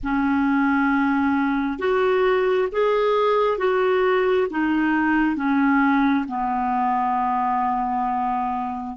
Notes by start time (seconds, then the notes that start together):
0.03 C#4
1.79 F#4
2.72 G#4
3.58 F#4
4.50 D#4
5.36 C#4
6.28 B3